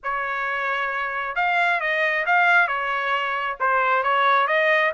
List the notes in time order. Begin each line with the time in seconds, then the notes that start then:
0.03 C#5
1.35 F5
1.80 D#5
2.26 F5
2.67 C#5
3.60 C5
4.03 C#5
4.47 D#5